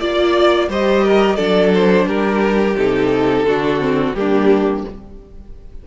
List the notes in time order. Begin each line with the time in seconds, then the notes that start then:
0.00 A#3 F4 D5
0.68 G3 G4 C5 D#5
1.04 A#4
1.36 F#3 D4 A4 D5
1.75 C5
2.06 G3 G4 A#4
2.78 C3 D#4 A4
3.44 D3 D4 F#4
3.80 C4
4.15 G3 A#3 D4 G4